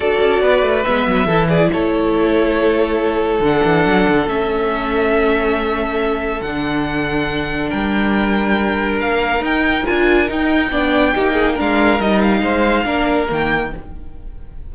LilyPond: <<
  \new Staff \with { instrumentName = "violin" } { \time 4/4 \tempo 4 = 140 d''2 e''4. d''8 | cis''1 | fis''2 e''2~ | e''2. fis''4~ |
fis''2 g''2~ | g''4 f''4 g''4 gis''4 | g''2. f''4 | dis''8 f''2~ f''8 g''4 | }
  \new Staff \with { instrumentName = "violin" } { \time 4/4 a'4 b'2 a'8 gis'8 | a'1~ | a'1~ | a'1~ |
a'2 ais'2~ | ais'1~ | ais'4 d''4 g'8 gis'8 ais'4~ | ais'4 c''4 ais'2 | }
  \new Staff \with { instrumentName = "viola" } { \time 4/4 fis'2 b4 e'4~ | e'1 | d'2 cis'2~ | cis'2. d'4~ |
d'1~ | d'2 dis'4 f'4 | dis'4 d'4 dis'4 d'4 | dis'2 d'4 ais4 | }
  \new Staff \with { instrumentName = "cello" } { \time 4/4 d'8 cis'8 b8 a8 gis8 fis8 e4 | a1 | d8 e8 fis8 d8 a2~ | a2. d4~ |
d2 g2~ | g4 ais4 dis'4 d'4 | dis'4 b4 ais4 gis4 | g4 gis4 ais4 dis4 | }
>>